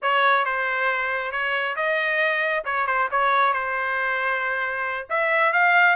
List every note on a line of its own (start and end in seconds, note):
0.02 0.45 C#5
0.45 1.31 C5
1.31 1.75 C#5
1.75 2.64 D#5
2.65 2.86 C#5
2.86 3.08 C5
3.11 3.53 C#5
3.53 5.07 C5
5.09 5.52 E5
5.52 5.96 F5